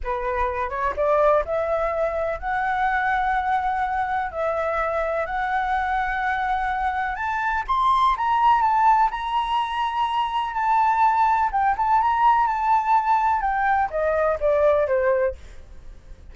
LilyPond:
\new Staff \with { instrumentName = "flute" } { \time 4/4 \tempo 4 = 125 b'4. cis''8 d''4 e''4~ | e''4 fis''2.~ | fis''4 e''2 fis''4~ | fis''2. a''4 |
c'''4 ais''4 a''4 ais''4~ | ais''2 a''2 | g''8 a''8 ais''4 a''2 | g''4 dis''4 d''4 c''4 | }